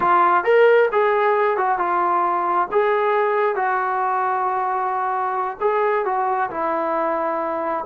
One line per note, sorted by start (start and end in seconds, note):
0.00 0.44 F4
0.44 0.89 A#4
0.92 1.57 G#4
1.57 1.78 F#4
1.78 2.67 F4
2.71 3.55 G#4
3.55 5.57 F#4
5.60 6.05 G#4
6.05 6.49 F#4
6.50 7.84 E4